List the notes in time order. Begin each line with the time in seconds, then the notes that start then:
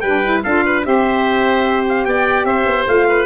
0.00 G3 D4 B4 G5
0.24 E4
0.43 D4 F4 A4 F5
0.65 B4
0.84 C4 G4 C5 E5
1.88 F5
2.05 B3 D5 G5
2.44 C4 C5 E5
2.66 B3
2.87 A3 F4 F5
3.08 B4